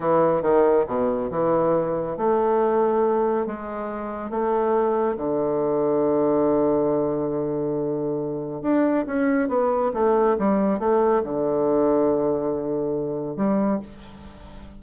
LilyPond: \new Staff \with { instrumentName = "bassoon" } { \time 4/4 \tempo 4 = 139 e4 dis4 b,4 e4~ | e4 a2. | gis2 a2 | d1~ |
d1 | d'4 cis'4 b4 a4 | g4 a4 d2~ | d2. g4 | }